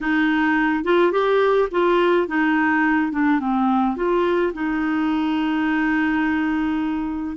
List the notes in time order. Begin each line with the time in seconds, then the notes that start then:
0.00 D#4
0.83 F4
1.12 G4
1.71 F4
2.27 D#4
3.12 D4
3.40 C4
3.96 F4
4.53 D#4